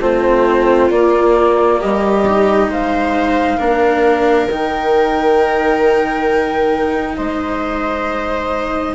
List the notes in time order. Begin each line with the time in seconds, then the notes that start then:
0.00 A3 C4 F4 C5
0.90 A#3 D5
1.80 G3 G4 D#5
2.27 D#4
2.68 G#3 C5 F5
3.58 A#3 D4 A#4
4.47 D#3 D#4 G5
7.16 G#3 C5 D#5